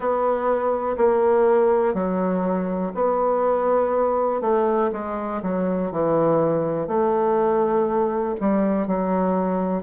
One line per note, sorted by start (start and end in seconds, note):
0.00 0.96 B3
0.97 1.94 A#3
1.94 2.92 F#3
2.94 4.41 B3
4.41 4.90 A3
4.92 5.41 G#3
5.42 5.91 F#3
5.91 6.87 E3
6.87 8.35 A3
8.40 8.87 G3
8.87 9.82 F#3